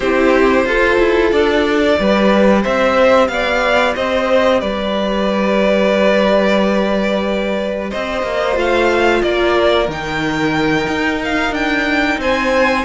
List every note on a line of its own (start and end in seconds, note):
0.00 0.65 C4
0.00 0.67 E4
0.00 0.66 G4
0.00 1.31 C5
0.65 0.98 F4
0.65 1.97 F4
0.65 1.99 A4
0.98 1.31 E4
1.31 1.97 D4
1.31 2.63 D5
1.97 2.65 G3
1.97 8.54 G4
1.97 2.62 B4
2.62 3.28 C4
2.62 3.28 C5
2.62 3.28 E5
3.28 3.94 B3
3.28 3.95 D5
3.28 3.94 F5
3.95 4.61 C4
3.95 4.60 C5
3.95 4.60 D#5
4.60 7.91 G3
4.60 7.90 B4
4.60 7.90 D5
7.90 8.23 C4
7.90 9.22 C5
7.90 8.56 D#5
8.23 8.55 A#3
8.54 9.21 A3
8.54 9.86 F4
8.54 9.21 F5
9.21 9.88 A#3
9.21 12.20 A#4
9.21 9.87 D5
9.88 10.87 D#3
9.88 12.85 D#4
9.88 11.23 G5
10.87 11.50 D#4
11.23 11.54 F5
11.50 12.16 D4
11.50 12.20 G5
12.18 12.84 C4
12.18 12.85 C5
12.18 12.85 G#5